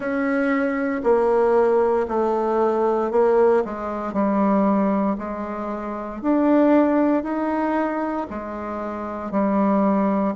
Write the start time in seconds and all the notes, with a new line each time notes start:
0.00 C#4
1.03 A#3
2.08 A3
3.11 A#3
3.64 G#3
4.13 G3
5.18 G#3
6.21 D4
7.23 D#4
8.29 G#3
9.31 G3